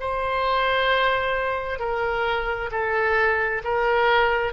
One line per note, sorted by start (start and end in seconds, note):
0.00 1.79 C5
1.79 2.70 A#4
2.71 3.62 A4
3.64 4.53 A#4